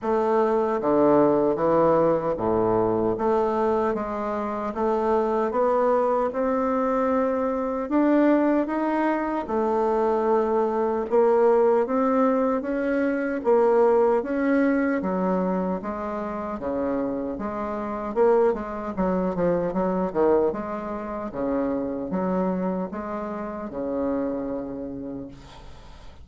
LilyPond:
\new Staff \with { instrumentName = "bassoon" } { \time 4/4 \tempo 4 = 76 a4 d4 e4 a,4 | a4 gis4 a4 b4 | c'2 d'4 dis'4 | a2 ais4 c'4 |
cis'4 ais4 cis'4 fis4 | gis4 cis4 gis4 ais8 gis8 | fis8 f8 fis8 dis8 gis4 cis4 | fis4 gis4 cis2 | }